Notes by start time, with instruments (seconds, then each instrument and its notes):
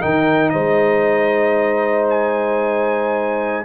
0.00 tuba D#3, trombone D#4, horn A#4, trumpet G5
0.49 tuba G#3, horn C5, trumpet D#5
2.10 trumpet G#5